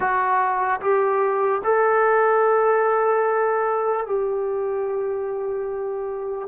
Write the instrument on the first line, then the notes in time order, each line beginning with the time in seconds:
trombone
0.00 F#4
0.80 G4
1.64 A4
4.06 G4